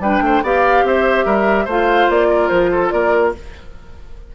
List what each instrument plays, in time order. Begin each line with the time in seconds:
0.00 bassoon G3, clarinet D4, oboe B4, flute G5
0.21 bassoon A3, oboe C5
0.42 bassoon B3, clarinet G4, oboe D5, flute F5
0.83 bassoon C4, oboe C5, flute E5
1.25 bassoon G3, oboe A#4
1.65 bassoon A3, clarinet F4, oboe C5, flute F5
2.09 bassoon A#3, flute D5
2.29 oboe A#4
2.48 bassoon F3, flute C5
2.72 oboe A4
2.90 bassoon A#3, oboe A#4, flute D5